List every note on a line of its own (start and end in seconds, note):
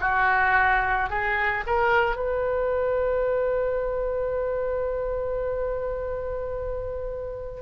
0.00 1.09 F#4
1.09 1.64 G#4
1.66 2.16 A#4
2.16 7.61 B4